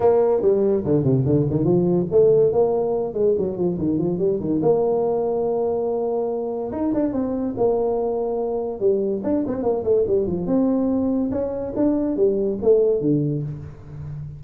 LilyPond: \new Staff \with { instrumentName = "tuba" } { \time 4/4 \tempo 4 = 143 ais4 g4 d8 c8 d8 dis8 | f4 a4 ais4. gis8 | fis8 f8 dis8 f8 g8 dis8 ais4~ | ais1 |
dis'8 d'8 c'4 ais2~ | ais4 g4 d'8 c'8 ais8 a8 | g8 f8 c'2 cis'4 | d'4 g4 a4 d4 | }